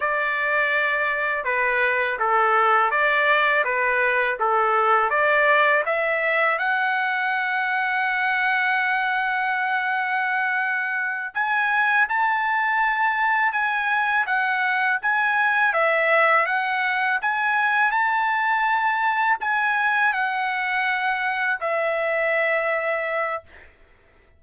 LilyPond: \new Staff \with { instrumentName = "trumpet" } { \time 4/4 \tempo 4 = 82 d''2 b'4 a'4 | d''4 b'4 a'4 d''4 | e''4 fis''2.~ | fis''2.~ fis''8 gis''8~ |
gis''8 a''2 gis''4 fis''8~ | fis''8 gis''4 e''4 fis''4 gis''8~ | gis''8 a''2 gis''4 fis''8~ | fis''4. e''2~ e''8 | }